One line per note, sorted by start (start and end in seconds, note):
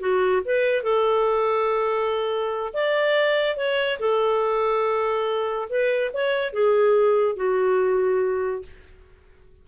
0.00 0.42 F#4
0.45 0.83 B4
0.83 2.73 A4
2.74 3.57 D5
3.57 3.99 C#5
4.00 5.69 A4
5.69 6.12 B4
6.14 6.53 C#5
6.53 7.36 G#4
7.36 8.63 F#4